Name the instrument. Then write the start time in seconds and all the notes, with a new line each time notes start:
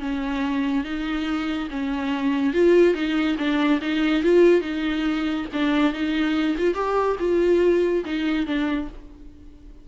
viola
0.00 C#4
0.84 D#4
1.70 C#4
2.54 F4
2.94 D#4
3.38 D4
3.81 D#4
4.23 F4
4.61 D#4
5.53 D4
5.93 D#4
6.58 F4
6.74 G4
7.19 F4
8.05 D#4
8.46 D4